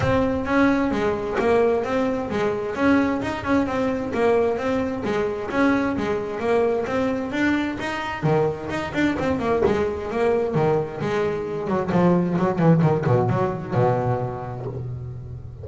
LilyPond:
\new Staff \with { instrumentName = "double bass" } { \time 4/4 \tempo 4 = 131 c'4 cis'4 gis4 ais4 | c'4 gis4 cis'4 dis'8 cis'8 | c'4 ais4 c'4 gis4 | cis'4 gis4 ais4 c'4 |
d'4 dis'4 dis4 dis'8 d'8 | c'8 ais8 gis4 ais4 dis4 | gis4. fis8 f4 fis8 e8 | dis8 b,8 fis4 b,2 | }